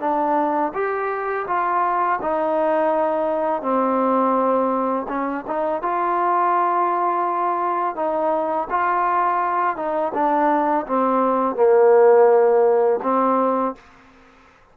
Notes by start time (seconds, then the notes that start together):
0.00 D4
0.74 G4
1.47 F4
2.21 D#4
3.62 C4
5.08 C#4
5.47 D#4
5.82 F4
7.95 D#4
8.70 F4
9.76 D#4
10.14 D4
10.86 C4
11.55 A#3
13.03 C4